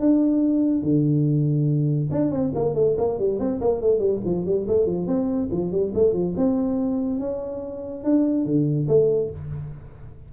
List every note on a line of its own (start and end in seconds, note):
0.00 0.82 D4
0.82 2.09 D3
2.11 2.31 D4
2.31 2.52 C4
2.55 2.75 A#3
2.75 2.96 A3
2.98 3.19 A#3
3.19 3.39 G3
3.39 3.60 C4
3.60 3.81 A#3
3.81 3.99 A3
3.99 4.20 G3
4.24 4.45 F3
4.45 4.67 G3
4.67 4.86 A3
4.86 5.07 F3
5.07 5.49 C4
5.51 5.72 F3
5.72 5.93 G3
5.94 6.13 A3
6.13 6.34 F3
6.37 7.19 C4
7.19 8.04 C#4
8.04 8.45 D4
8.45 8.87 D3
8.88 9.30 A3